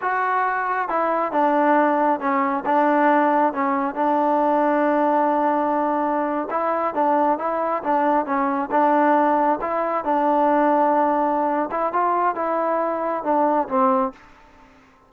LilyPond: \new Staff \with { instrumentName = "trombone" } { \time 4/4 \tempo 4 = 136 fis'2 e'4 d'4~ | d'4 cis'4 d'2 | cis'4 d'2.~ | d'2~ d'8. e'4 d'16~ |
d'8. e'4 d'4 cis'4 d'16~ | d'4.~ d'16 e'4 d'4~ d'16~ | d'2~ d'8 e'8 f'4 | e'2 d'4 c'4 | }